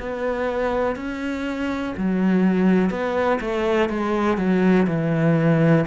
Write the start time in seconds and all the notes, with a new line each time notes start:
0.00 B3
0.96 C#4
1.97 F#3
2.90 B3
3.41 A3
3.90 G#3
4.37 F#3
4.87 E3